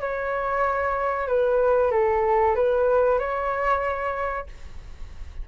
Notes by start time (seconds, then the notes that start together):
0.00 C#5
1.27 B4
1.91 A4
2.55 B4
3.19 C#5